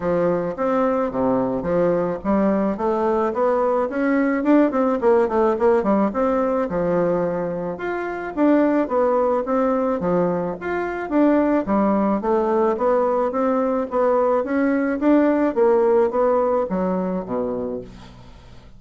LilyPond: \new Staff \with { instrumentName = "bassoon" } { \time 4/4 \tempo 4 = 108 f4 c'4 c4 f4 | g4 a4 b4 cis'4 | d'8 c'8 ais8 a8 ais8 g8 c'4 | f2 f'4 d'4 |
b4 c'4 f4 f'4 | d'4 g4 a4 b4 | c'4 b4 cis'4 d'4 | ais4 b4 fis4 b,4 | }